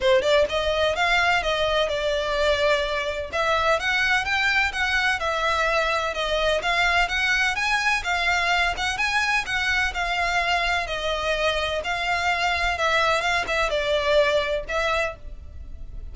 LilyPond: \new Staff \with { instrumentName = "violin" } { \time 4/4 \tempo 4 = 127 c''8 d''8 dis''4 f''4 dis''4 | d''2. e''4 | fis''4 g''4 fis''4 e''4~ | e''4 dis''4 f''4 fis''4 |
gis''4 f''4. fis''8 gis''4 | fis''4 f''2 dis''4~ | dis''4 f''2 e''4 | f''8 e''8 d''2 e''4 | }